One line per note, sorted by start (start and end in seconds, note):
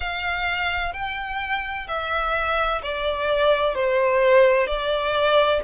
0.00 0.93 F5
0.93 1.87 G5
1.87 2.81 E5
2.82 3.74 D5
3.74 4.66 C5
4.66 5.60 D5